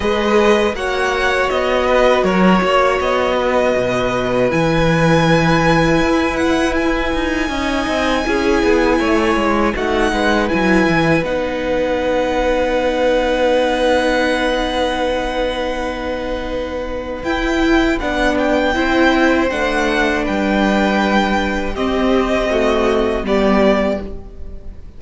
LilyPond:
<<
  \new Staff \with { instrumentName = "violin" } { \time 4/4 \tempo 4 = 80 dis''4 fis''4 dis''4 cis''4 | dis''2 gis''2~ | gis''8 fis''8 gis''2.~ | gis''4 fis''4 gis''4 fis''4~ |
fis''1~ | fis''2. g''4 | fis''8 g''4. fis''4 g''4~ | g''4 dis''2 d''4 | }
  \new Staff \with { instrumentName = "violin" } { \time 4/4 b'4 cis''4. b'8 ais'8 cis''8~ | cis''8 b'2.~ b'8~ | b'2 dis''4 gis'4 | cis''4 fis'8 b'2~ b'8~ |
b'1~ | b'1~ | b'4 c''2 b'4~ | b'4 g'4 fis'4 g'4 | }
  \new Staff \with { instrumentName = "viola" } { \time 4/4 gis'4 fis'2.~ | fis'2 e'2~ | e'2 dis'4 e'4~ | e'4 dis'4 e'4 dis'4~ |
dis'1~ | dis'2. e'4 | d'4 e'4 d'2~ | d'4 c'4 a4 b4 | }
  \new Staff \with { instrumentName = "cello" } { \time 4/4 gis4 ais4 b4 fis8 ais8 | b4 b,4 e2 | e'4. dis'8 cis'8 c'8 cis'8 b8 | a8 gis8 a8 gis8 fis8 e8 b4~ |
b1~ | b2. e'4 | b4 c'4 a4 g4~ | g4 c'2 g4 | }
>>